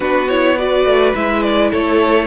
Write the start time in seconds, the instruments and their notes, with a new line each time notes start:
0.00 cello B3, viola D4, violin F#4 B4
0.28 viola E4, violin C#5
0.56 viola F#4, violin B4 D5
0.84 cello A3
1.14 cello G#3, viola E4, violin E5
1.42 violin D5
1.70 cello A3, violin A4 C#5